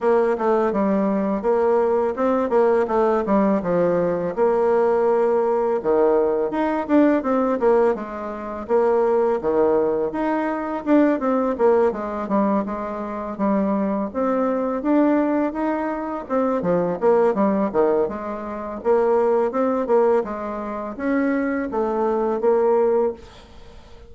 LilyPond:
\new Staff \with { instrumentName = "bassoon" } { \time 4/4 \tempo 4 = 83 ais8 a8 g4 ais4 c'8 ais8 | a8 g8 f4 ais2 | dis4 dis'8 d'8 c'8 ais8 gis4 | ais4 dis4 dis'4 d'8 c'8 |
ais8 gis8 g8 gis4 g4 c'8~ | c'8 d'4 dis'4 c'8 f8 ais8 | g8 dis8 gis4 ais4 c'8 ais8 | gis4 cis'4 a4 ais4 | }